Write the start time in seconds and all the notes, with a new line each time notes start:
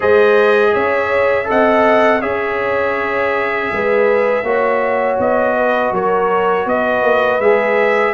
0.00 G#3 G#4 C5 D#5
0.73 C#4 C#5 E5
1.45 C4 A4 D#5 F#5
2.20 C#4 G#4 C#5 E5
3.71 G#3 B4
4.43 A#3 F#4 C#5
5.18 B3 D#5
5.56 B4
5.91 F#3 A#4 C#5
6.65 B3 B4 D#5
7.02 A#3
7.38 G#3 G#4 E5